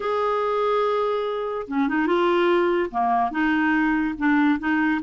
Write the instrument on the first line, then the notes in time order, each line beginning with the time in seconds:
clarinet
0.00 G#4
1.67 C#4
1.88 D#4
2.06 F4
2.91 A#3
3.31 D#4
4.18 D4
4.59 D#4